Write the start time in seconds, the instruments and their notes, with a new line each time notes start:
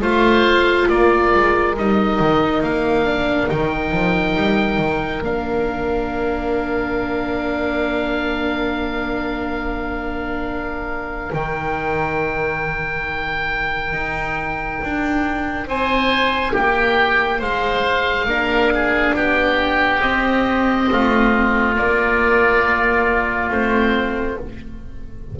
0.00 double bass A3, viola F4, oboe C5 F5
0.89 double bass A#3, oboe A#4 D5
1.34 double bass G#3
1.77 double bass G3, viola D#4, oboe D#5
2.20 double bass D#3
2.62 double bass A#3, oboe F5
3.05 viola D4
3.47 double bass D#3, viola D#4, oboe G5
3.92 double bass F3
4.36 double bass G3
4.78 double bass D#3
5.22 double bass A#3, viola D4, oboe F5
11.29 double bass D#3, viola D#4, oboe G5
13.93 double bass D#4
14.84 double bass D4
15.66 double bass C4, oboe C5 G#5
16.53 double bass A#3, oboe G4 G5
17.38 double bass G#3, oboe C5 F5
18.25 double bass A#3, viola D4, oboe A#4
18.74 oboe G#4
19.15 double bass B3, oboe G4 G5
20.01 viola C4, double bass C4, oboe D#5
20.91 double bass A3, oboe F4
21.74 viola A#3, double bass A#3, oboe D5
23.49 double bass A3, viola C4, oboe C5